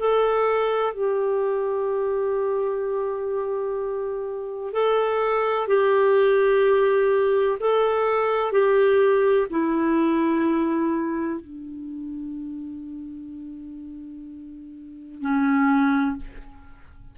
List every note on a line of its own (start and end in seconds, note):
0.00 0.94 A4
0.94 4.74 G4
4.74 5.68 A4
5.68 7.58 G4
7.61 8.52 A4
8.52 9.48 G4
9.51 11.41 E4
11.41 15.22 D4
15.22 16.17 C#4